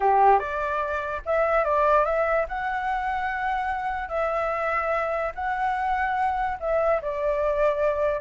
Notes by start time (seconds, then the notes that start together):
0.00 G4
0.39 D5
1.25 E5
1.64 D5
2.05 E5
2.48 F#5
4.08 E5
5.34 F#5
6.59 E5
7.01 D5